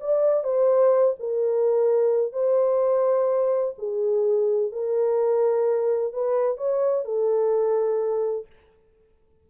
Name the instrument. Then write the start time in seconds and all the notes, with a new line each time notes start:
horn
0.00 D5
0.43 C5
1.19 A#4
2.32 C5
3.78 G#4
4.72 A#4
6.13 B4
6.57 C#5
7.04 A4